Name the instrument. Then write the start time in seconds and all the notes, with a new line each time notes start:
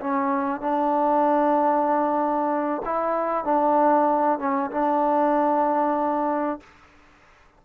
trombone
0.00 C#4
0.61 D4
2.85 E4
3.44 D4
4.39 C#4
4.70 D4